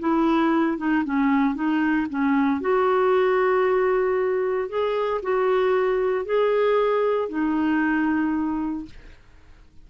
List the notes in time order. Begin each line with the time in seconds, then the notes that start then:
0.00 E4
0.78 D#4
1.05 C#4
1.55 D#4
2.10 C#4
2.61 F#4
4.69 G#4
5.23 F#4
6.26 G#4
7.29 D#4